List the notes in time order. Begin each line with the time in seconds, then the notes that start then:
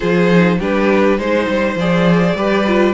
0.00 F3 F4 G#4 C5
0.30 D#4
0.59 G3 D4 G4 B4
1.18 G#3 D#4 C5
1.48 G3
1.75 F3 G#4 D5
2.35 G3 G4 B4
2.67 F4